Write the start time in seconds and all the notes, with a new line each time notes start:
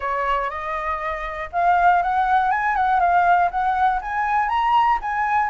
0.00 C#5
0.50 D#5
1.52 F5
2.02 F#5
2.51 G#5
2.75 F#5
3.00 F5
3.50 F#5
4.01 G#5
4.49 A#5
5.01 G#5